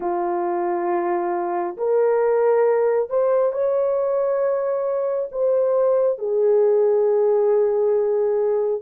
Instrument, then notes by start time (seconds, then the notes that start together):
horn
0.00 F4
1.77 A#4
3.09 C5
3.52 C#5
5.31 C5
6.18 G#4